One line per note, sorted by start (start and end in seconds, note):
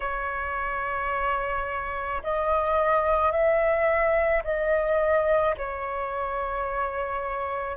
0.00 2.22 C#5
2.23 3.31 D#5
3.31 4.42 E5
4.44 5.55 D#5
5.57 7.76 C#5